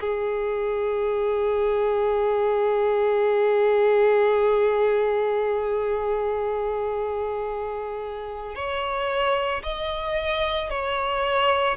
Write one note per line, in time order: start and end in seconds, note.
0.00 8.55 G#4
8.55 9.62 C#5
9.63 10.70 D#5
10.70 11.77 C#5